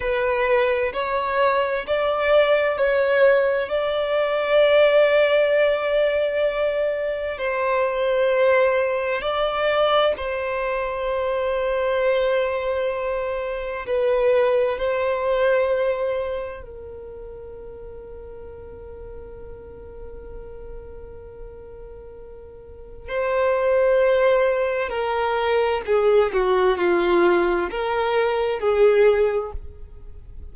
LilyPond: \new Staff \with { instrumentName = "violin" } { \time 4/4 \tempo 4 = 65 b'4 cis''4 d''4 cis''4 | d''1 | c''2 d''4 c''4~ | c''2. b'4 |
c''2 ais'2~ | ais'1~ | ais'4 c''2 ais'4 | gis'8 fis'8 f'4 ais'4 gis'4 | }